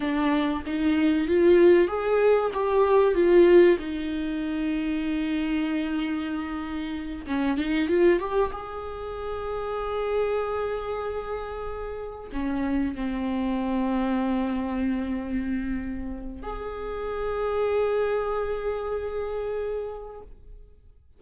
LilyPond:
\new Staff \with { instrumentName = "viola" } { \time 4/4 \tempo 4 = 95 d'4 dis'4 f'4 gis'4 | g'4 f'4 dis'2~ | dis'2.~ dis'8 cis'8 | dis'8 f'8 g'8 gis'2~ gis'8~ |
gis'2.~ gis'8 cis'8~ | cis'8 c'2.~ c'8~ | c'2 gis'2~ | gis'1 | }